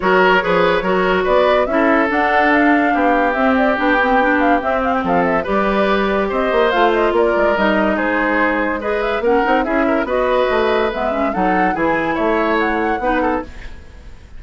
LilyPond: <<
  \new Staff \with { instrumentName = "flute" } { \time 4/4 \tempo 4 = 143 cis''2. d''4 | e''4 fis''4 f''2 | e''8 d''8 g''4. f''8 e''8 f''16 g''16 | f''8 e''8 d''2 dis''4 |
f''8 dis''8 d''4 dis''4 c''4~ | c''4 dis''8 e''8 fis''4 e''4 | dis''2 e''4 fis''4 | gis''4 e''4 fis''2 | }
  \new Staff \with { instrumentName = "oboe" } { \time 4/4 ais'4 b'4 ais'4 b'4 | a'2. g'4~ | g'1 | a'4 b'2 c''4~ |
c''4 ais'2 gis'4~ | gis'4 b'4 ais'4 gis'8 ais'8 | b'2. a'4 | gis'4 cis''2 b'8 a'8 | }
  \new Staff \with { instrumentName = "clarinet" } { \time 4/4 fis'4 gis'4 fis'2 | e'4 d'2. | c'4 d'8 c'8 d'4 c'4~ | c'4 g'2. |
f'2 dis'2~ | dis'4 gis'4 cis'8 dis'8 e'4 | fis'2 b8 cis'8 dis'4 | e'2. dis'4 | }
  \new Staff \with { instrumentName = "bassoon" } { \time 4/4 fis4 f4 fis4 b4 | cis'4 d'2 b4 | c'4 b2 c'4 | f4 g2 c'8 ais8 |
a4 ais8 gis8 g4 gis4~ | gis2 ais8 c'8 cis'4 | b4 a4 gis4 fis4 | e4 a2 b4 | }
>>